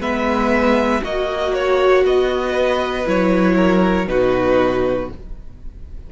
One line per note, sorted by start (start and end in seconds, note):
0.00 1.02 G#3
0.00 1.01 B3
0.00 1.02 B4
0.00 1.03 E5
1.01 2.05 A#3
1.01 3.04 F#4
1.01 2.51 F#4
1.01 1.53 D#5
1.53 2.04 C#5
2.05 3.06 B3
2.05 3.08 D#5
2.51 3.53 B4
3.05 4.07 F#3
3.05 4.07 E4
3.05 4.08 C#5
3.57 4.08 A#4
4.07 5.09 B2
4.07 5.09 D#4
4.07 5.12 F#4
4.07 5.10 B4